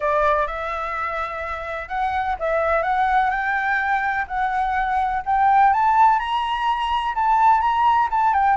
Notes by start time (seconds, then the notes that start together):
0.00 D5
0.46 E5
1.88 F#5
2.39 E5
2.82 F#5
3.30 G5
4.27 F#5
5.25 G5
5.73 A5
6.19 A#5
7.15 A5
7.61 A#5
8.10 A5
8.33 G5